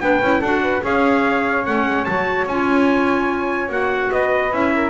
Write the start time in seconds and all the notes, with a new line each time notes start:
0.00 B3 D4 B4 G5
0.21 C#4 E4
0.40 D4 F#4 A4 F#5
0.63 B4
0.82 C#4 G#4 C#5 F5
1.66 A3 C#4 F#5
1.87 G#3
2.05 F#3 F#4 A5
2.46 C#4 F4 G#5
3.69 A#3 F#4 F#5
4.12 B3 B4 D#5
4.52 C#4 E4 E5
4.75 A#4